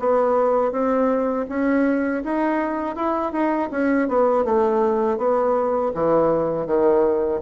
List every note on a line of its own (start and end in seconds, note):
0.00 0.72 B3
0.72 1.46 C4
1.49 2.24 C#4
2.24 2.96 D#4
2.96 3.32 E4
3.32 3.69 D#4
3.71 4.08 C#4
4.09 4.45 B3
4.45 5.18 A3
5.18 5.92 B3
5.94 6.67 E3
6.67 7.41 D#3